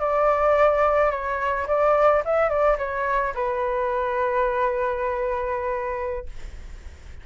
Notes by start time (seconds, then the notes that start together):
0.00 D5
1.12 C#5
1.68 D5
2.25 E5
2.50 D5
2.78 C#5
3.35 B4